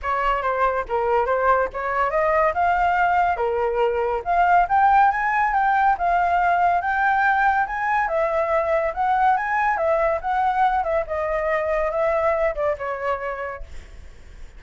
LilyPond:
\new Staff \with { instrumentName = "flute" } { \time 4/4 \tempo 4 = 141 cis''4 c''4 ais'4 c''4 | cis''4 dis''4 f''2 | ais'2 f''4 g''4 | gis''4 g''4 f''2 |
g''2 gis''4 e''4~ | e''4 fis''4 gis''4 e''4 | fis''4. e''8 dis''2 | e''4. d''8 cis''2 | }